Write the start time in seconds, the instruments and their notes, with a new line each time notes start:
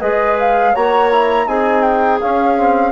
0.00 bassoon G#3, trombone G#4, clarinet B4, flute D#5
0.39 flute F5
0.73 bassoon A#3, trombone F#4, clarinet C#5, flute A#5
1.11 trombone E4
1.46 bassoon C4, trombone D#4, clarinet G#4, flute G#5
1.82 flute G5
2.20 bassoon C#4, trombone C#4, flute F5
2.57 trombone C4